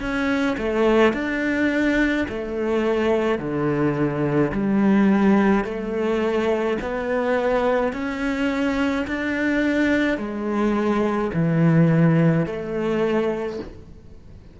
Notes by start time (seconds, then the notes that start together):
0.00 C#4
0.58 A3
1.13 D4
2.29 A3
3.38 D3
4.52 G3
5.64 A3
6.82 B3
7.93 C#4
9.07 D4
10.18 G#3
11.34 E3
12.46 A3